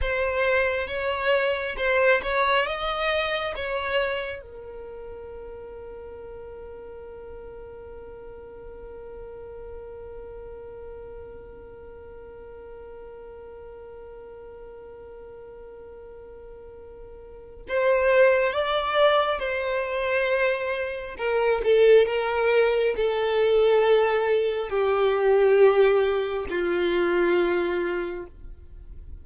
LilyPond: \new Staff \with { instrumentName = "violin" } { \time 4/4 \tempo 4 = 68 c''4 cis''4 c''8 cis''8 dis''4 | cis''4 ais'2.~ | ais'1~ | ais'1~ |
ais'1 | c''4 d''4 c''2 | ais'8 a'8 ais'4 a'2 | g'2 f'2 | }